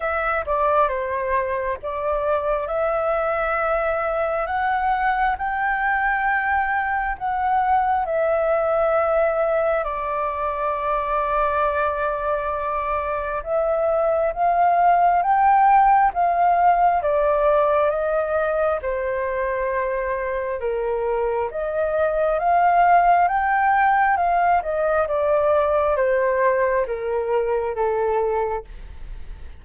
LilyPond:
\new Staff \with { instrumentName = "flute" } { \time 4/4 \tempo 4 = 67 e''8 d''8 c''4 d''4 e''4~ | e''4 fis''4 g''2 | fis''4 e''2 d''4~ | d''2. e''4 |
f''4 g''4 f''4 d''4 | dis''4 c''2 ais'4 | dis''4 f''4 g''4 f''8 dis''8 | d''4 c''4 ais'4 a'4 | }